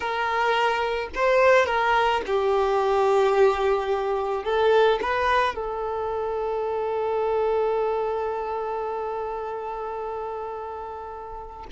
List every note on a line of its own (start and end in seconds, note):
0.00 1.09 A#4
1.14 1.65 C5
1.65 2.21 A#4
2.26 4.44 G4
4.44 4.99 A4
5.02 5.55 B4
5.55 11.66 A4